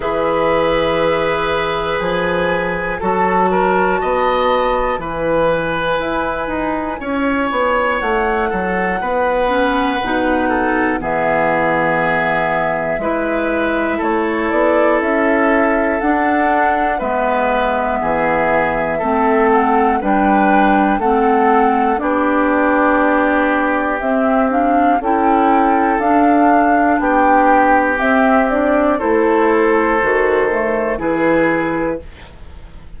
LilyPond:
<<
  \new Staff \with { instrumentName = "flute" } { \time 4/4 \tempo 4 = 60 e''2 gis''4 a''4~ | a''4 gis''2. | fis''2. e''4~ | e''2 cis''8 d''8 e''4 |
fis''4 e''2~ e''8 fis''8 | g''4 fis''4 d''2 | e''8 f''8 g''4 f''4 g''4 | e''8 d''8 c''2 b'4 | }
  \new Staff \with { instrumentName = "oboe" } { \time 4/4 b'2. a'8 ais'8 | dis''4 b'2 cis''4~ | cis''8 a'8 b'4. a'8 gis'4~ | gis'4 b'4 a'2~ |
a'4 b'4 gis'4 a'4 | b'4 a'4 g'2~ | g'4 a'2 g'4~ | g'4 a'2 gis'4 | }
  \new Staff \with { instrumentName = "clarinet" } { \time 4/4 gis'2. fis'4~ | fis'4 e'2.~ | e'4. cis'8 dis'4 b4~ | b4 e'2. |
d'4 b2 c'4 | d'4 c'4 d'2 | c'8 d'8 e'4 d'2 | c'8 d'8 e'4 fis'8 a8 e'4 | }
  \new Staff \with { instrumentName = "bassoon" } { \time 4/4 e2 f4 fis4 | b4 e4 e'8 dis'8 cis'8 b8 | a8 fis8 b4 b,4 e4~ | e4 gis4 a8 b8 cis'4 |
d'4 gis4 e4 a4 | g4 a4 b2 | c'4 cis'4 d'4 b4 | c'4 a4 dis4 e4 | }
>>